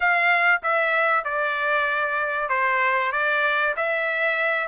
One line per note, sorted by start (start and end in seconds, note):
0.00 0.61 F5
0.62 1.24 E5
1.24 2.49 D5
2.49 3.11 C5
3.12 3.74 D5
3.76 4.67 E5